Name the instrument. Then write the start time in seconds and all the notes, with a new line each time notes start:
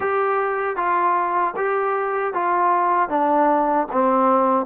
trombone
0.00 G4
0.76 F4
1.56 G4
2.33 F4
3.09 D4
3.92 C4